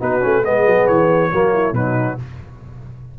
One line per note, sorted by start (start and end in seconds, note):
0.00 0.23 B3
0.00 0.21 D#4
0.00 0.41 F#4
0.00 0.44 B4
0.21 0.45 A3
0.21 0.43 C#4
0.41 0.66 G#3
0.41 1.31 B3
0.41 1.29 G#4
0.41 0.87 D#5
0.66 0.88 F#3
0.87 1.32 E3
0.87 1.75 C#5
1.31 1.72 F#3
1.31 1.74 A#3
1.31 1.53 F#4
1.53 1.75 E4
1.72 2.16 B2
1.72 2.18 F#3
1.72 2.19 D#4
1.72 2.18 B4